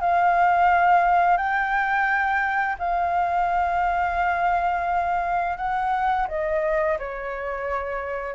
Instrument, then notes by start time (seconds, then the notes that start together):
flute
0.00 F5
1.37 G5
2.78 F5
5.57 F#5
6.28 D#5
6.98 C#5